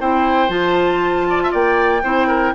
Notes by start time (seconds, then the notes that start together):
0.00 C4 E4 C5 G5
0.49 F3 F4 A5
1.30 D5
1.43 E5
1.52 A#3 D5 G5
2.03 C4 E4 C5
2.28 A#4